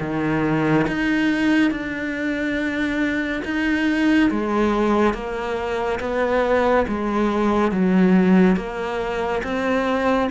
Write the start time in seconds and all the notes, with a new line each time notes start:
0.00 D#3
0.87 D#4
1.71 D4
3.44 D#4
4.31 G#3
5.14 A#3
6.00 B3
6.88 G#3
7.71 F#3
8.56 A#3
9.43 C4